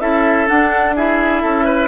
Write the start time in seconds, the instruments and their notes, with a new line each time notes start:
0.00 bassoon C#4, clarinet E4, oboe A4, flute E5
0.47 clarinet D4, bassoon D4, flute F#5
0.95 clarinet E4, oboe G#4, flute E5
1.42 bassoon C#4, oboe A4
1.65 oboe B4